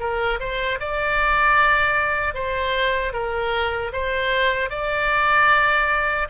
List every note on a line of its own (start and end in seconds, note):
0.00 0.39 A#4
0.40 0.79 C5
0.80 2.34 D5
2.34 3.13 C5
3.13 3.92 A#4
3.93 4.70 C5
4.70 6.28 D5